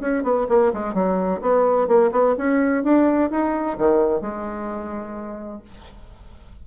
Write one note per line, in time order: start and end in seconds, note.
0.00 0.23 C#4
0.23 0.46 B3
0.49 0.72 A#3
0.73 0.94 G#3
0.94 1.41 F#3
1.41 1.87 B3
1.87 2.11 A#3
2.12 2.35 B3
2.38 2.83 C#4
2.83 3.30 D4
3.30 3.77 D#4
3.78 4.21 D#3
4.21 5.61 G#3